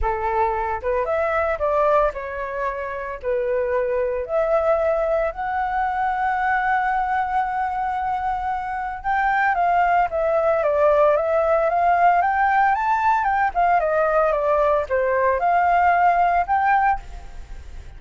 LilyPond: \new Staff \with { instrumentName = "flute" } { \time 4/4 \tempo 4 = 113 a'4. b'8 e''4 d''4 | cis''2 b'2 | e''2 fis''2~ | fis''1~ |
fis''4 g''4 f''4 e''4 | d''4 e''4 f''4 g''4 | a''4 g''8 f''8 dis''4 d''4 | c''4 f''2 g''4 | }